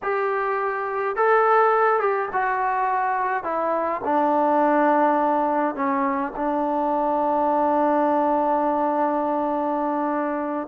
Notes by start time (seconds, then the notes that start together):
0.02 G4
1.15 A4
2.00 G4
2.32 F#4
3.43 E4
4.04 D4
5.75 C#4
6.36 D4